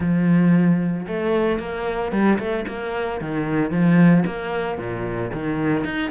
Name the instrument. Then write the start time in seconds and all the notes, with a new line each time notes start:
cello
0.00 F3
1.07 A3
1.59 A#3
2.11 G3
2.38 A3
2.67 A#3
3.21 D#3
3.70 F3
4.26 A#3
4.78 A#2
5.33 D#3
5.84 D#4